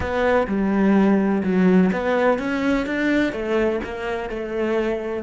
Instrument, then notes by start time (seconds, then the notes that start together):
cello
0.00 B3
0.47 G3
1.43 F#3
1.92 B3
2.39 C#4
2.86 D4
3.32 A3
3.84 A#3
4.29 A3